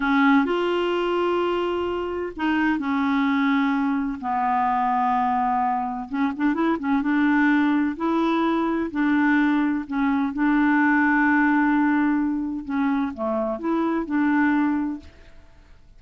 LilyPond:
\new Staff \with { instrumentName = "clarinet" } { \time 4/4 \tempo 4 = 128 cis'4 f'2.~ | f'4 dis'4 cis'2~ | cis'4 b2.~ | b4 cis'8 d'8 e'8 cis'8 d'4~ |
d'4 e'2 d'4~ | d'4 cis'4 d'2~ | d'2. cis'4 | a4 e'4 d'2 | }